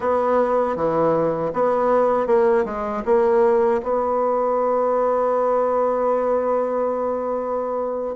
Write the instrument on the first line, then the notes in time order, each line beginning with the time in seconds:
bassoon
0.00 B3
0.76 E3
1.53 B3
2.26 A#3
2.65 G#3
3.05 A#3
3.83 B3